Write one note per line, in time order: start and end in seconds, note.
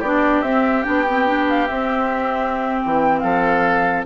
0.00 0.43 B3
0.00 0.45 D4
0.00 3.21 G4
0.00 0.42 D5
0.42 0.84 C4
0.42 0.83 E5
0.83 1.70 B3
0.83 1.05 D4
0.83 1.46 G5
1.08 1.27 C4
1.27 1.68 D4
1.50 1.68 F5
1.68 2.84 C4
1.68 4.06 C4
1.68 2.81 E5
2.82 3.23 E3
2.82 3.20 G5
3.20 4.06 F3
3.20 4.06 A4
3.20 4.03 F5